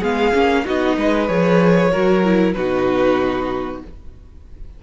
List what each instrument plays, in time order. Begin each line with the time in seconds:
0.00 cello G#3, viola B3, violin G#4 F5
0.34 cello A#3, viola C#4
0.65 cello B3, viola D#4, violin F#4 D#5
0.97 cello G#3, violin B4
1.28 cello F3, viola G#4, violin C#5
1.91 cello F#3, viola F#4, violin A#4
2.24 viola E4
2.53 cello B2, viola D#4, violin F#4 B4